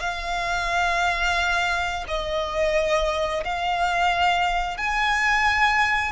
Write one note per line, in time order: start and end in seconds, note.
0.00 2.05 F5
2.08 3.44 D#5
3.44 4.78 F5
4.78 6.12 G#5